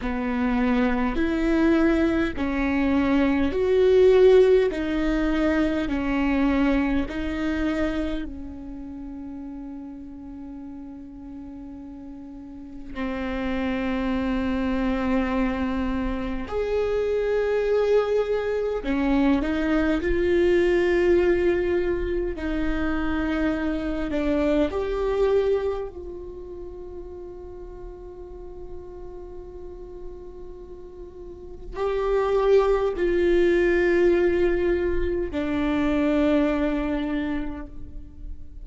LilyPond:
\new Staff \with { instrumentName = "viola" } { \time 4/4 \tempo 4 = 51 b4 e'4 cis'4 fis'4 | dis'4 cis'4 dis'4 cis'4~ | cis'2. c'4~ | c'2 gis'2 |
cis'8 dis'8 f'2 dis'4~ | dis'8 d'8 g'4 f'2~ | f'2. g'4 | f'2 d'2 | }